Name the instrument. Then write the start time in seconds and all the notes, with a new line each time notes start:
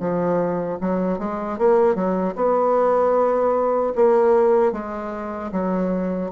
bassoon
0.00 F3
0.81 F#3
1.19 G#3
1.59 A#3
1.96 F#3
2.36 B3
3.96 A#3
4.73 G#3
5.52 F#3